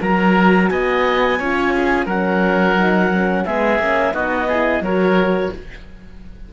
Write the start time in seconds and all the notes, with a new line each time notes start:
0.00 F#3 F#4 A#4 A#5
0.69 B3 D#5 G#5
1.38 C#4 F4 C#5
1.74 G#4
2.05 F#3 C#4 A#4 F#5
2.75 D#4
3.12 C#4
3.45 G#3 B3 G#4 E5
3.78 A#3 C#4
4.13 B3 D#4 F#4 D#5
4.48 E4 G#4
4.80 F#3 F#4 A#4 C#5